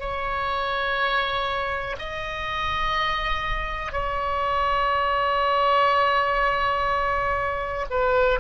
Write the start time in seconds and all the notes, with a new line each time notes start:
0.00 C#5
1.99 D#5
3.93 C#5
7.90 B4